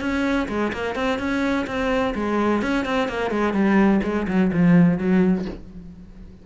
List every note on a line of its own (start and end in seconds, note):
0.00 0.47 C#4
0.48 0.72 G#3
0.73 0.95 A#3
0.95 1.18 C4
1.18 1.66 C#4
1.66 2.14 C4
2.15 2.62 G#3
2.62 2.85 C#4
2.85 3.08 C4
3.08 3.30 A#3
3.30 3.53 G#3
3.53 4.00 G3
4.03 4.26 G#3
4.27 4.51 F#3
4.52 4.98 F3
4.98 5.45 F#3